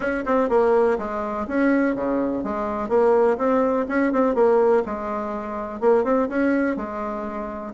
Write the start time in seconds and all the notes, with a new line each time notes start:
0.00 C#4
0.25 C4
0.49 A#3
0.98 G#3
1.47 C#4
1.95 C#3
2.43 G#3
2.88 A#3
3.37 C4
3.88 C#4
4.12 C4
4.34 A#3
4.85 G#3
5.80 A#3
6.04 C4
6.28 C#4
6.76 G#3